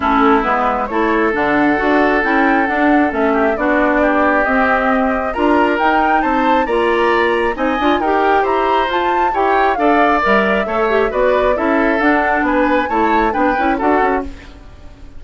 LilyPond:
<<
  \new Staff \with { instrumentName = "flute" } { \time 4/4 \tempo 4 = 135 a'4 b'4 cis''4 fis''4~ | fis''4 g''4 fis''4 e''4 | d''2 dis''2 | ais''4 g''4 a''4 ais''4~ |
ais''4 gis''4 g''4 ais''4 | a''4 g''4 f''4 e''4~ | e''4 d''4 e''4 fis''4 | gis''4 a''4 g''4 fis''4 | }
  \new Staff \with { instrumentName = "oboe" } { \time 4/4 e'2 a'2~ | a'2.~ a'8 g'8 | fis'4 g'2. | ais'2 c''4 d''4~ |
d''4 dis''4 ais'4 c''4~ | c''4 cis''4 d''2 | cis''4 b'4 a'2 | b'4 cis''4 b'4 a'4 | }
  \new Staff \with { instrumentName = "clarinet" } { \time 4/4 cis'4 b4 e'4 d'4 | fis'4 e'4 d'4 cis'4 | d'2 c'2 | f'4 dis'2 f'4~ |
f'4 dis'8 f'8 g'2 | f'4 g'4 a'4 ais'4 | a'8 g'8 fis'4 e'4 d'4~ | d'4 e'4 d'8 e'8 fis'4 | }
  \new Staff \with { instrumentName = "bassoon" } { \time 4/4 a4 gis4 a4 d4 | d'4 cis'4 d'4 a4 | b2 c'2 | d'4 dis'4 c'4 ais4~ |
ais4 c'8 d'8 dis'4 e'4 | f'4 e'4 d'4 g4 | a4 b4 cis'4 d'4 | b4 a4 b8 cis'8 d'8 cis'8 | }
>>